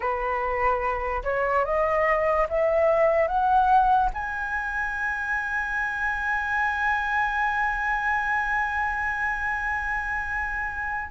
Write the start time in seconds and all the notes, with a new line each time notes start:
0.00 B4
1.23 C#5
1.64 D#5
2.49 E5
3.27 F#5
4.13 G#5